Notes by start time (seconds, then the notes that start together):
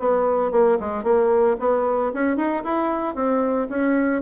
0.00 B3
0.52 A#3
0.80 G#3
1.04 A#3
1.60 B3
2.14 C#4
2.37 D#4
2.64 E4
3.15 C4
3.70 C#4